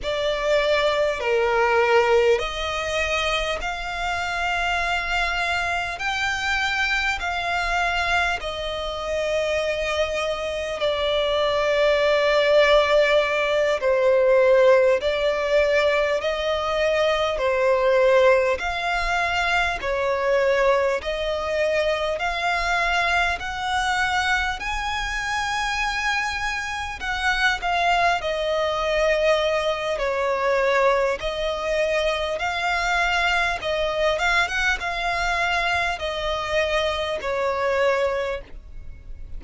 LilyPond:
\new Staff \with { instrumentName = "violin" } { \time 4/4 \tempo 4 = 50 d''4 ais'4 dis''4 f''4~ | f''4 g''4 f''4 dis''4~ | dis''4 d''2~ d''8 c''8~ | c''8 d''4 dis''4 c''4 f''8~ |
f''8 cis''4 dis''4 f''4 fis''8~ | fis''8 gis''2 fis''8 f''8 dis''8~ | dis''4 cis''4 dis''4 f''4 | dis''8 f''16 fis''16 f''4 dis''4 cis''4 | }